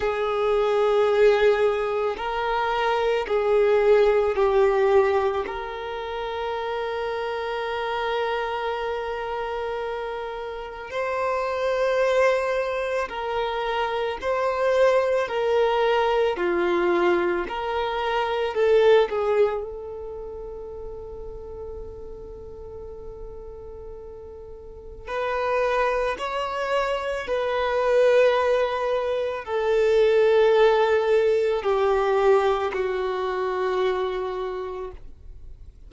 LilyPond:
\new Staff \with { instrumentName = "violin" } { \time 4/4 \tempo 4 = 55 gis'2 ais'4 gis'4 | g'4 ais'2.~ | ais'2 c''2 | ais'4 c''4 ais'4 f'4 |
ais'4 a'8 gis'8 a'2~ | a'2. b'4 | cis''4 b'2 a'4~ | a'4 g'4 fis'2 | }